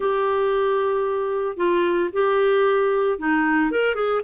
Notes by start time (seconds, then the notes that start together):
0.00 G4
1.56 F4
2.12 G4
3.19 D#4
3.71 A#4
3.94 G#4